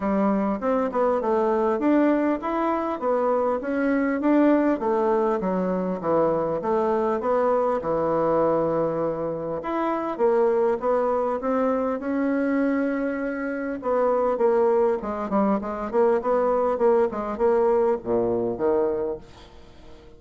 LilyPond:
\new Staff \with { instrumentName = "bassoon" } { \time 4/4 \tempo 4 = 100 g4 c'8 b8 a4 d'4 | e'4 b4 cis'4 d'4 | a4 fis4 e4 a4 | b4 e2. |
e'4 ais4 b4 c'4 | cis'2. b4 | ais4 gis8 g8 gis8 ais8 b4 | ais8 gis8 ais4 ais,4 dis4 | }